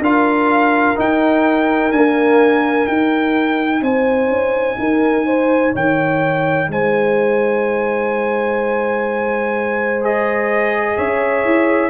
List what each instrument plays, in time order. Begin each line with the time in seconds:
0.00 tuba D4, trombone F4, horn A#4, trumpet F5
0.96 trombone D#4, tuba D#4, trumpet G5
1.92 trombone A#3, tuba D4, trumpet G#5
2.86 trombone D#4, tuba D#4, trumpet G5
3.82 tuba C4, horn C5, trumpet G#5
4.29 tuba C#4
4.79 tuba D#4, horn A#4
5.26 horn C5
5.73 tuba D#3, horn C#5, trumpet G5
6.69 tuba G#3, horn C5, trumpet G#5
10.02 trombone G#4, trumpet D#5
10.97 tuba C#4, horn C#5, trumpet E5
11.45 tuba E4